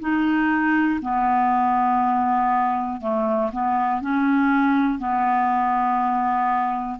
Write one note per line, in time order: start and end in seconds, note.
0.00 1.00 D#4
1.01 3.01 B3
3.01 3.51 A3
3.52 4.01 B3
4.01 4.99 C#4
4.99 6.99 B3